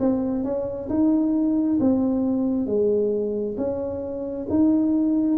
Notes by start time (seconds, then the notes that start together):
0.00 C4
0.44 C#4
0.90 D#4
1.80 C4
2.67 G#3
3.58 C#4
4.50 D#4